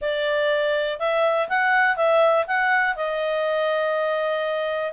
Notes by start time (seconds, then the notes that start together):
0.01 D5
0.99 E5
1.48 F#5
1.96 E5
2.47 F#5
2.96 D#5